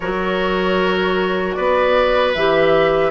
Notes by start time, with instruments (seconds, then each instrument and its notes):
0.00 bassoon F#3, clarinet F#4, oboe A#4, flute C#5
1.53 bassoon B3, oboe B4, flute D5
2.34 bassoon E3, clarinet G4, flute E5